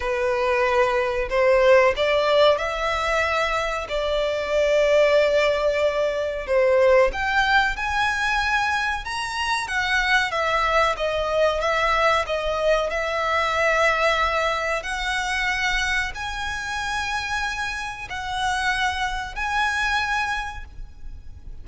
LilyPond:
\new Staff \with { instrumentName = "violin" } { \time 4/4 \tempo 4 = 93 b'2 c''4 d''4 | e''2 d''2~ | d''2 c''4 g''4 | gis''2 ais''4 fis''4 |
e''4 dis''4 e''4 dis''4 | e''2. fis''4~ | fis''4 gis''2. | fis''2 gis''2 | }